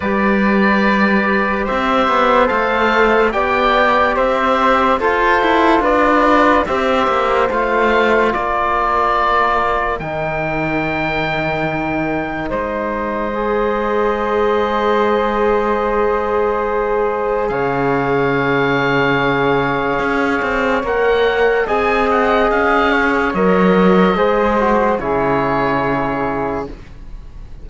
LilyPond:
<<
  \new Staff \with { instrumentName = "oboe" } { \time 4/4 \tempo 4 = 72 d''2 e''4 f''4 | g''4 e''4 c''4 d''4 | e''4 f''4 d''2 | g''2. dis''4~ |
dis''1~ | dis''4 f''2.~ | f''4 fis''4 gis''8 fis''8 f''4 | dis''2 cis''2 | }
  \new Staff \with { instrumentName = "flute" } { \time 4/4 b'2 c''2 | d''4 c''4 a'4 b'4 | c''2 ais'2~ | ais'2. c''4~ |
c''1~ | c''4 cis''2.~ | cis''2 dis''4. cis''8~ | cis''4 c''4 gis'2 | }
  \new Staff \with { instrumentName = "trombone" } { \time 4/4 g'2. a'4 | g'2 f'2 | g'4 f'2. | dis'1 |
gis'1~ | gis'1~ | gis'4 ais'4 gis'2 | ais'4 gis'8 fis'8 e'2 | }
  \new Staff \with { instrumentName = "cello" } { \time 4/4 g2 c'8 b8 a4 | b4 c'4 f'8 e'8 d'4 | c'8 ais8 a4 ais2 | dis2. gis4~ |
gis1~ | gis4 cis2. | cis'8 c'8 ais4 c'4 cis'4 | fis4 gis4 cis2 | }
>>